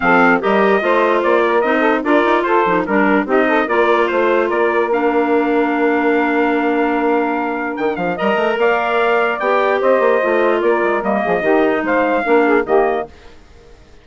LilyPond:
<<
  \new Staff \with { instrumentName = "trumpet" } { \time 4/4 \tempo 4 = 147 f''4 dis''2 d''4 | dis''4 d''4 c''4 ais'4 | dis''4 d''4 c''4 d''4 | f''1~ |
f''2. g''8 f''8 | ais''4 f''2 g''4 | dis''2 d''4 dis''4~ | dis''4 f''2 dis''4 | }
  \new Staff \with { instrumentName = "saxophone" } { \time 4/4 a'4 ais'4 c''4. ais'8~ | ais'8 a'8 ais'4 a'4 ais'4 | g'8 a'8 ais'4 c''4 ais'4~ | ais'1~ |
ais'1 | dis''4 d''2. | c''2 ais'4. gis'8 | g'4 c''4 ais'8 gis'8 g'4 | }
  \new Staff \with { instrumentName = "clarinet" } { \time 4/4 c'4 g'4 f'2 | dis'4 f'4. dis'8 d'4 | dis'4 f'2. | d'1~ |
d'1 | ais'2. g'4~ | g'4 f'2 ais4 | dis'2 d'4 ais4 | }
  \new Staff \with { instrumentName = "bassoon" } { \time 4/4 f4 g4 a4 ais4 | c'4 d'8 dis'8 f'8 f8 g4 | c'4 ais4 a4 ais4~ | ais1~ |
ais2. dis8 f8 | g8 a8 ais2 b4 | c'8 ais8 a4 ais8 gis8 g8 f8 | dis4 gis4 ais4 dis4 | }
>>